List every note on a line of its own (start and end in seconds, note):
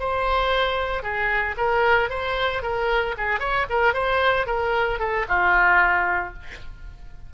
0.00 1.03 C5
1.03 1.56 G#4
1.57 2.10 A#4
2.10 2.63 C5
2.63 3.15 A#4
3.18 3.40 G#4
3.40 3.66 C#5
3.70 3.94 A#4
3.94 4.47 C5
4.47 4.99 A#4
5.00 5.26 A4
5.28 6.34 F4